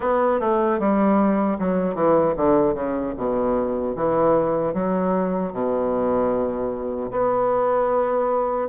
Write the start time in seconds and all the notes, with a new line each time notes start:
0.00 B3
0.39 A3
0.79 G3
1.58 F#3
1.94 E3
2.36 D3
2.74 C#3
3.16 B2
3.95 E3
4.73 F#3
5.53 B2
7.11 B3